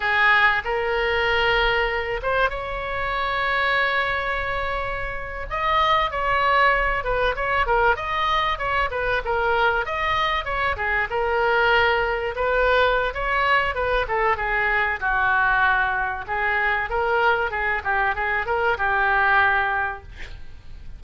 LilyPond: \new Staff \with { instrumentName = "oboe" } { \time 4/4 \tempo 4 = 96 gis'4 ais'2~ ais'8 c''8 | cis''1~ | cis''8. dis''4 cis''4. b'8 cis''16~ | cis''16 ais'8 dis''4 cis''8 b'8 ais'4 dis''16~ |
dis''8. cis''8 gis'8 ais'2 b'16~ | b'4 cis''4 b'8 a'8 gis'4 | fis'2 gis'4 ais'4 | gis'8 g'8 gis'8 ais'8 g'2 | }